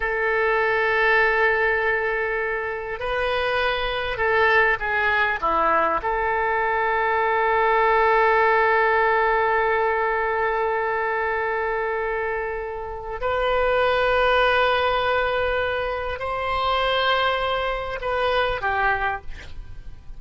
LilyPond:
\new Staff \with { instrumentName = "oboe" } { \time 4/4 \tempo 4 = 100 a'1~ | a'4 b'2 a'4 | gis'4 e'4 a'2~ | a'1~ |
a'1~ | a'2 b'2~ | b'2. c''4~ | c''2 b'4 g'4 | }